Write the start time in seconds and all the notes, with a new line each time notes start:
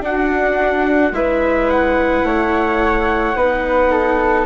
0.00 D4 F#4 F#5
1.11 G#3 E4 B4 E5
1.69 F#5
2.23 A3 C#5
3.35 B3 D#4 B4
3.91 A4